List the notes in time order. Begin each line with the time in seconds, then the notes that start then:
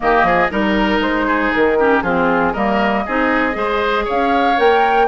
0.00 D#3 A#3 G4 D#5
0.23 F3 G#4
0.50 G3 D#4 A#4
0.99 G#3 C5
1.26 G#4
1.53 D#3 A#4
1.78 C#4 G4
2.02 F3 C4 F4 G#4
2.53 G3 A#3 A#4 D#5
3.06 C4 D#4 G#4
3.52 G#3 G#4 C5
4.05 C#4 C#5 F5
4.57 A#3 A#4 G5